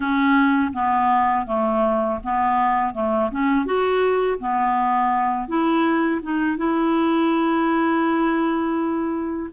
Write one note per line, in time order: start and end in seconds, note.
0.00 0.72 C#4
0.73 1.46 B3
1.46 2.19 A3
2.23 2.93 B3
2.93 3.30 A3
3.31 3.65 C#4
3.65 4.38 F#4
4.39 5.47 B3
5.47 6.21 E4
6.22 6.57 D#4
6.57 9.50 E4